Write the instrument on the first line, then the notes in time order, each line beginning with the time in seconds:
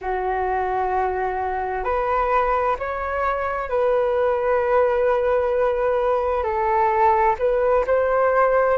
flute
0.01 F#4
1.84 B4
2.79 C#5
3.69 B4
6.43 A4
7.38 B4
7.86 C5